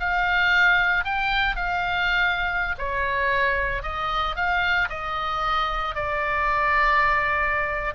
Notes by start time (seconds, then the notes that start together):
0.00 F5
1.05 G5
1.56 F5
2.78 C#5
3.83 D#5
4.36 F5
4.89 D#5
5.95 D5